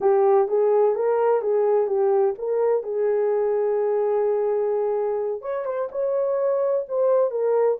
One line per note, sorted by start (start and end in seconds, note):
0.00 0.47 G4
0.47 0.95 G#4
0.95 1.41 A#4
1.41 1.87 G#4
1.87 2.34 G4
2.38 2.83 A#4
2.83 5.41 G#4
5.41 5.65 C#5
5.65 5.88 C5
5.91 6.86 C#5
6.88 7.30 C5
7.30 7.78 A#4